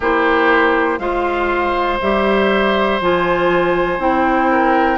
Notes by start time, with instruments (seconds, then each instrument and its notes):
0.00 bassoon A#3, clarinet E4, oboe G4, flute C5
0.98 bassoon G#3, clarinet F4, oboe C5, flute F5
2.00 bassoon G3, clarinet G4, flute E5
3.00 bassoon F3, clarinet F4, flute G#5
3.98 bassoon C4, clarinet E4, flute G5
4.51 oboe A#4